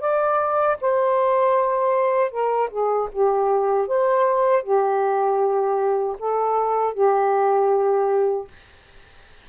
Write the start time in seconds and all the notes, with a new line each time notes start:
0.00 D5
0.81 C5
2.30 A#4
2.70 G#4
3.12 G4
3.87 C5
4.63 G4
6.19 A4
6.94 G4